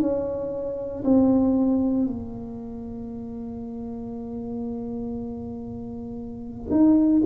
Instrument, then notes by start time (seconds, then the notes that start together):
tuba
0.00 C#4
1.04 C4
2.06 A#3
6.71 D#4